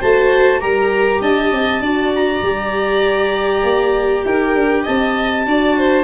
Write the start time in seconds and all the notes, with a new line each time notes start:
0.00 A3 F#4 C5 A5
0.60 G3 G4 A#4 A#5
1.21 D4 D#5 A5
1.52 C4
1.80 D4 F#4 D5
2.15 A#5
2.43 G3 G4
3.64 A#3
4.25 D#4 A#4 G5
4.55 D4
4.83 C4 D#5 A5
5.46 D4 F#4 D5
5.78 C5